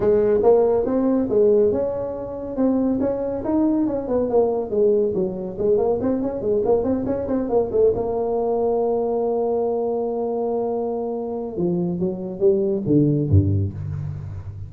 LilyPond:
\new Staff \with { instrumentName = "tuba" } { \time 4/4 \tempo 4 = 140 gis4 ais4 c'4 gis4 | cis'2 c'4 cis'4 | dis'4 cis'8 b8 ais4 gis4 | fis4 gis8 ais8 c'8 cis'8 gis8 ais8 |
c'8 cis'8 c'8 ais8 a8 ais4.~ | ais1~ | ais2. f4 | fis4 g4 d4 g,4 | }